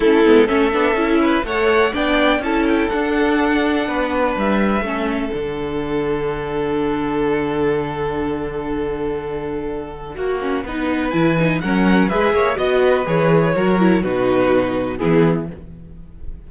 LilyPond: <<
  \new Staff \with { instrumentName = "violin" } { \time 4/4 \tempo 4 = 124 a'4 e''2 fis''4 | g''4 a''8 g''8 fis''2~ | fis''4 e''2 fis''4~ | fis''1~ |
fis''1~ | fis''2. gis''4 | fis''4 e''4 dis''4 cis''4~ | cis''4 b'2 gis'4 | }
  \new Staff \with { instrumentName = "violin" } { \time 4/4 e'4 a'4. b'8 cis''4 | d''4 a'2. | b'2 a'2~ | a'1~ |
a'1~ | a'4 fis'4 b'2 | ais'4 b'8 cis''8 dis''8 b'4. | ais'4 fis'2 e'4 | }
  \new Staff \with { instrumentName = "viola" } { \time 4/4 cis'8 b8 cis'8 d'8 e'4 a'4 | d'4 e'4 d'2~ | d'2 cis'4 d'4~ | d'1~ |
d'1~ | d'4 fis'8 cis'8 dis'4 e'8 dis'8 | cis'4 gis'4 fis'4 gis'4 | fis'8 e'8 dis'2 b4 | }
  \new Staff \with { instrumentName = "cello" } { \time 4/4 a8 gis8 a8 b8 cis'4 a4 | b4 cis'4 d'2 | b4 g4 a4 d4~ | d1~ |
d1~ | d4 ais4 b4 e4 | fis4 gis8 ais8 b4 e4 | fis4 b,2 e4 | }
>>